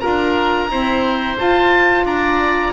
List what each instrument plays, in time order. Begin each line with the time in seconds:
0.00 double bass D4, saxophone F4, oboe A#4 A#5
0.70 saxophone C4, double bass E4, oboe C5
1.37 saxophone F4, double bass F4, oboe A5
2.05 double bass D4, oboe D5 A#5